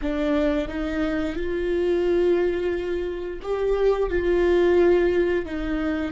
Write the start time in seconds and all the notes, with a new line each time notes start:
0.01 D4
0.68 D#4
1.35 F4
3.42 G4
4.10 F4
5.45 D#4